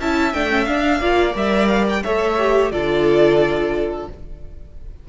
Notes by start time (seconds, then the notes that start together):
0.00 C#4 E4 E5 A5
0.33 A3 D4 G5
0.50 C#4
0.65 D4 F5
1.00 A#3 F4 D5
1.33 G3 A#4 E5
1.68 F5
1.89 G5
2.03 A3 A4 C#5 E5
2.38 G4
2.71 D3 F4 A4 D5